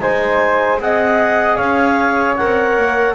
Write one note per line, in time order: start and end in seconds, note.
0.00 0.79 G#3
0.00 0.79 D#4
0.00 0.80 C5
0.00 0.79 G#5
0.79 1.58 C4
0.79 2.37 G#4
0.79 1.56 D#5
0.79 1.56 F#5
1.56 2.38 C#4
1.56 3.14 C#5
1.56 2.35 F5
2.36 3.14 A#4
2.36 3.14 F#5
2.42 2.77 C4
2.77 3.14 A#3